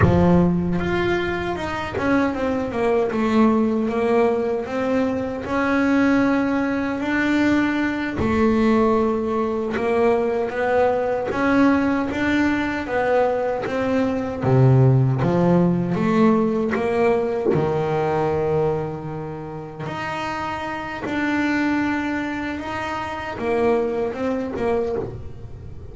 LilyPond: \new Staff \with { instrumentName = "double bass" } { \time 4/4 \tempo 4 = 77 f4 f'4 dis'8 cis'8 c'8 ais8 | a4 ais4 c'4 cis'4~ | cis'4 d'4. a4.~ | a8 ais4 b4 cis'4 d'8~ |
d'8 b4 c'4 c4 f8~ | f8 a4 ais4 dis4.~ | dis4. dis'4. d'4~ | d'4 dis'4 ais4 c'8 ais8 | }